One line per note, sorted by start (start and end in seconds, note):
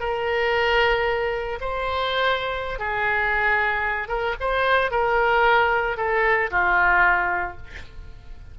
0.00 1.59 A#4
1.61 2.79 C5
2.79 4.08 G#4
4.08 4.35 A#4
4.40 4.91 C5
4.91 5.97 A#4
5.97 6.50 A4
6.51 7.57 F4